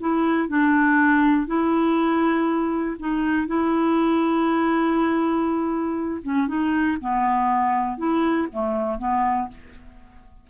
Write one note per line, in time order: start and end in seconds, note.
0.00 0.48 E4
0.48 1.47 D4
1.47 2.97 E4
2.99 3.47 D#4
3.47 6.22 E4
6.23 6.47 C#4
6.47 6.97 D#4
7.01 7.98 B3
7.98 8.48 E4
8.52 8.98 A3
8.98 9.48 B3